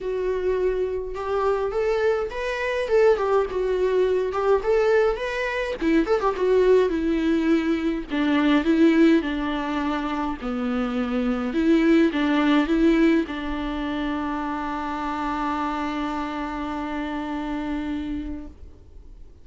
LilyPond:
\new Staff \with { instrumentName = "viola" } { \time 4/4 \tempo 4 = 104 fis'2 g'4 a'4 | b'4 a'8 g'8 fis'4. g'8 | a'4 b'4 e'8 a'16 g'16 fis'4 | e'2 d'4 e'4 |
d'2 b2 | e'4 d'4 e'4 d'4~ | d'1~ | d'1 | }